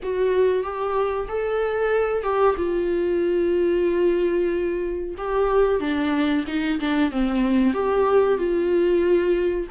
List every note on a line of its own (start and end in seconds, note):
0.02 0.63 F#4
0.63 1.27 G4
1.28 2.23 A4
2.23 2.55 G4
2.57 5.15 F4
5.17 5.80 G4
5.80 6.44 D4
6.47 6.79 D#4
6.80 7.11 D4
7.11 7.73 C4
7.73 8.38 G4
8.38 9.67 F4